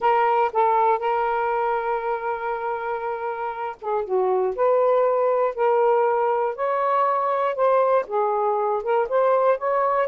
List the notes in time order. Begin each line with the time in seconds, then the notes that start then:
0.00 A#4
0.52 A4
0.99 A#4
3.81 G#4
4.04 F#4
4.55 B4
5.54 A#4
6.55 C#5
7.55 C5
8.07 G#4
8.82 A#4
9.08 C5
9.58 C#5